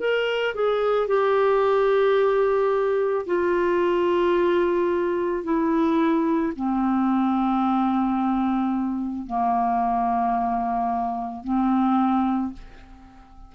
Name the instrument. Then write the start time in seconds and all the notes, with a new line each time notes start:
clarinet
0.00 A#4
0.55 G#4
1.08 G4
3.26 F4
5.44 E4
6.56 C4
9.26 A#3
11.44 C4